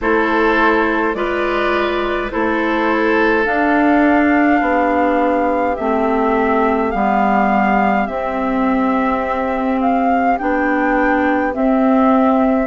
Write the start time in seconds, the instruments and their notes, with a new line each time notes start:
0.01 bassoon A3, clarinet E4, oboe A4, flute C5
1.14 bassoon G#3, clarinet F4, oboe B4, flute D5
2.30 bassoon A3, clarinet E4, oboe A4, flute C5
3.44 clarinet D4, bassoon D4, flute F5
4.60 bassoon B3, oboe G4
5.75 bassoon A3, clarinet C4, flute E5
6.91 bassoon G3, clarinet B3, flute F5
8.06 clarinet C4, bassoon C4, flute E5
9.80 flute F5
10.38 bassoon B3, clarinet D4, flute G5
11.53 clarinet C4, bassoon C4, flute E5